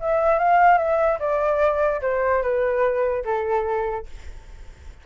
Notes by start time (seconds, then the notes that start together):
0.00 E5
0.38 F5
0.78 E5
1.19 D5
2.01 C5
2.42 B4
3.24 A4